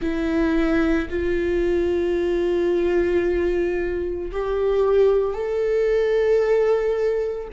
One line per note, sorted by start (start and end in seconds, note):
0.01 1.08 E4
1.10 4.31 F4
4.31 5.33 G4
5.33 7.48 A4